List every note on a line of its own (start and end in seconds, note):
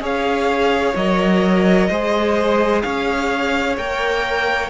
0.00 0.94 C#4
0.00 0.95 G#4
0.00 1.89 C#5
0.00 0.96 F5
0.96 1.89 F#3
0.96 1.92 A#4
0.96 2.82 D#5
1.89 2.84 G#3
1.89 3.78 G#4
1.89 2.83 C5
2.82 3.78 C#4
2.82 4.70 C#5
2.82 3.76 F5
3.78 4.70 A#3
3.78 4.70 A#4
3.78 4.70 G5